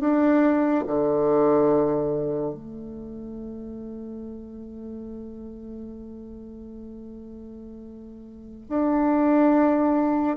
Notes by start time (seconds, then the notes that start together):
0.00 D4
0.87 D3
2.54 A3
8.69 D4